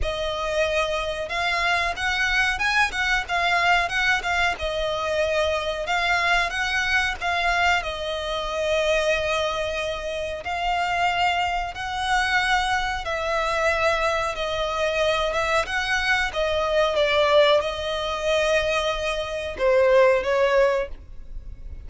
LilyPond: \new Staff \with { instrumentName = "violin" } { \time 4/4 \tempo 4 = 92 dis''2 f''4 fis''4 | gis''8 fis''8 f''4 fis''8 f''8 dis''4~ | dis''4 f''4 fis''4 f''4 | dis''1 |
f''2 fis''2 | e''2 dis''4. e''8 | fis''4 dis''4 d''4 dis''4~ | dis''2 c''4 cis''4 | }